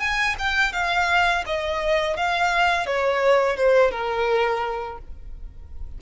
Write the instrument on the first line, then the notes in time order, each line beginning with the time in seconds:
violin
0.00 G#5
0.39 G5
0.73 F5
1.46 D#5
2.17 F5
2.86 C#5
3.56 C5
3.91 A#4